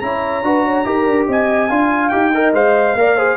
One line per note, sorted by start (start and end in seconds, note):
0.00 0.43 C#4
0.00 0.44 E4
0.00 0.46 C#5
0.00 1.26 A#5
0.43 0.85 D4
0.43 0.85 F#4
0.43 0.65 B4
0.65 0.86 C#5
0.85 1.06 D#4
0.85 1.69 G4
0.85 1.28 A#4
1.06 1.27 D4
1.28 1.70 C4
1.28 1.69 D#5
1.28 2.09 G#5
1.69 2.12 D4
1.69 2.12 F4
1.69 2.32 F5
2.09 2.53 D#4
2.09 2.33 G4
2.09 2.51 G5
2.35 2.55 A#4
2.35 2.98 D#5
2.53 2.95 G#3
2.53 2.97 C5
2.53 3.37 F5
2.95 3.37 A#3
2.95 3.19 A#4
2.95 3.16 D5
3.16 3.37 G#4
3.16 3.37 C5